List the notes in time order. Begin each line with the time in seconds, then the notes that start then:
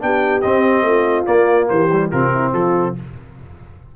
0.00 B3 D4 G4 G5
0.41 C4 D#5
0.83 A3 F4
1.26 A#3 D5
1.69 E3 G4 C5
1.92 G3
2.11 C3 C4 F4 A#4
2.34 E4
2.53 F3 F4 A4